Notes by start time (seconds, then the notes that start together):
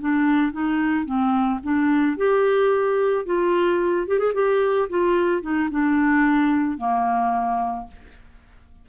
0.00 D4
0.52 D#4
1.05 C4
1.63 D4
2.17 G4
3.25 F4
4.07 G4
4.19 G#4
4.34 G4
4.89 F4
5.42 D#4
5.70 D4
6.78 A#3